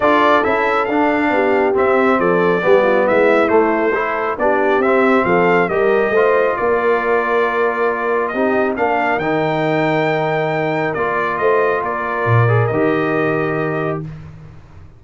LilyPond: <<
  \new Staff \with { instrumentName = "trumpet" } { \time 4/4 \tempo 4 = 137 d''4 e''4 f''2 | e''4 d''2 e''4 | c''2 d''4 e''4 | f''4 dis''2 d''4~ |
d''2. dis''4 | f''4 g''2.~ | g''4 d''4 dis''4 d''4~ | d''4 dis''2. | }
  \new Staff \with { instrumentName = "horn" } { \time 4/4 a'2. g'4~ | g'4 a'4 g'8 f'8 e'4~ | e'4 a'4 g'2 | a'4 ais'4 c''4 ais'4~ |
ais'2. g'4 | ais'1~ | ais'2 c''4 ais'4~ | ais'1 | }
  \new Staff \with { instrumentName = "trombone" } { \time 4/4 f'4 e'4 d'2 | c'2 b2 | a4 e'4 d'4 c'4~ | c'4 g'4 f'2~ |
f'2. dis'4 | d'4 dis'2.~ | dis'4 f'2.~ | f'8 gis'8 g'2. | }
  \new Staff \with { instrumentName = "tuba" } { \time 4/4 d'4 cis'4 d'4 b4 | c'4 f4 g4 gis4 | a2 b4 c'4 | f4 g4 a4 ais4~ |
ais2. c'4 | ais4 dis2.~ | dis4 ais4 a4 ais4 | ais,4 dis2. | }
>>